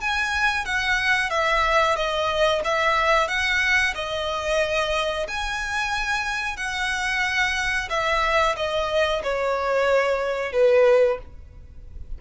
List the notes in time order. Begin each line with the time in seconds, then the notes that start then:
0.00 G#5
0.65 F#5
1.29 E5
1.95 D#5
2.64 E5
3.28 F#5
3.95 D#5
5.27 G#5
6.57 F#5
7.89 E5
8.56 D#5
9.23 C#5
10.52 B4